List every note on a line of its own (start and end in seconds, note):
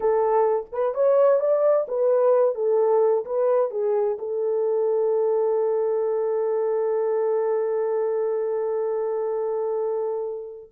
0.00 0.66 A4
0.72 0.94 B4
0.94 1.40 C#5
1.40 1.86 D5
1.87 2.55 B4
2.55 3.24 A4
3.25 3.71 B4
3.71 4.17 G#4
4.18 10.70 A4